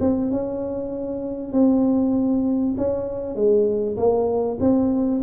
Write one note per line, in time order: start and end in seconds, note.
0.00 0.31 C4
0.31 1.52 C#4
1.52 2.75 C4
2.77 3.35 C#4
3.35 3.96 G#3
3.97 4.58 A#3
4.60 5.21 C4